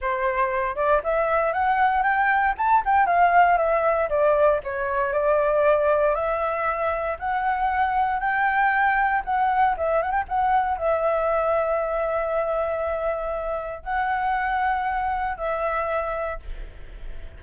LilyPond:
\new Staff \with { instrumentName = "flute" } { \time 4/4 \tempo 4 = 117 c''4. d''8 e''4 fis''4 | g''4 a''8 g''8 f''4 e''4 | d''4 cis''4 d''2 | e''2 fis''2 |
g''2 fis''4 e''8 fis''16 g''16 | fis''4 e''2.~ | e''2. fis''4~ | fis''2 e''2 | }